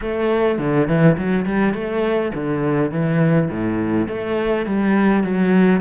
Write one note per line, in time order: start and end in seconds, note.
0.01 0.58 A3
0.58 0.87 D3
0.87 1.16 E3
1.17 1.45 F#3
1.45 1.73 G3
1.73 2.32 A3
2.34 2.91 D3
2.91 3.49 E3
3.50 4.08 A2
4.08 4.65 A3
4.65 5.23 G3
5.23 5.81 F#3